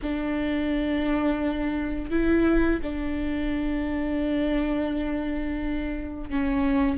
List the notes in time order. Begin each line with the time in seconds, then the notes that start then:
0.02 D4
2.10 E4
2.82 D4
6.29 C#4